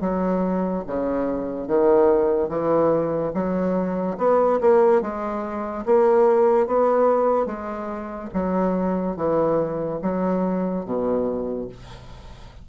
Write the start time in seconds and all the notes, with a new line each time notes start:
0.00 F#3
0.86 C#3
1.67 D#3
2.48 E3
3.33 F#3
4.17 B3
4.60 A#3
5.01 G#3
5.85 A#3
6.66 B3
7.46 G#3
8.33 F#3
9.16 E3
10.02 F#3
10.85 B2